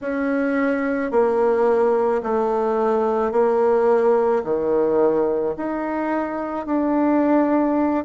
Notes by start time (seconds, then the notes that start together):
0.01 C#4
1.11 A#3
2.22 A3
3.31 A#3
4.44 D#3
5.57 D#4
6.66 D4